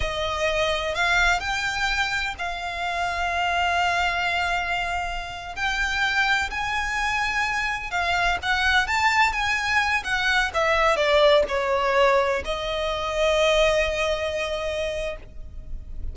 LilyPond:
\new Staff \with { instrumentName = "violin" } { \time 4/4 \tempo 4 = 127 dis''2 f''4 g''4~ | g''4 f''2.~ | f''2.~ f''8. g''16~ | g''4.~ g''16 gis''2~ gis''16~ |
gis''8. f''4 fis''4 a''4 gis''16~ | gis''4~ gis''16 fis''4 e''4 d''8.~ | d''16 cis''2 dis''4.~ dis''16~ | dis''1 | }